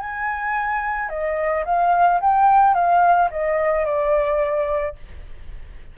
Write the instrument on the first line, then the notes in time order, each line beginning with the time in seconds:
flute
0.00 G#5
1.10 D#5
1.66 F5
2.21 G5
2.75 F5
3.31 D#5
3.86 D5